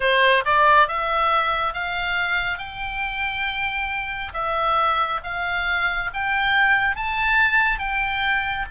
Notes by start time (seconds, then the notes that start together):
0.00 C5
0.45 D5
0.87 E5
1.73 F5
2.58 G5
4.33 E5
5.23 F5
6.13 G5
6.96 A5
7.78 G5